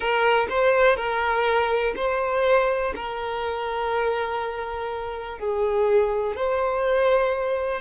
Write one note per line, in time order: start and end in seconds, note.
0.00 0.47 A#4
0.49 0.96 C5
0.96 1.94 A#4
1.96 2.93 C5
2.95 5.38 A#4
5.38 6.35 G#4
6.35 7.80 C5